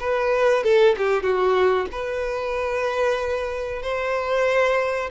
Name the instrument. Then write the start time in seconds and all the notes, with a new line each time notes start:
violin
0.00 B4
0.64 A4
0.98 G4
1.23 F#4
1.92 B4
3.82 C5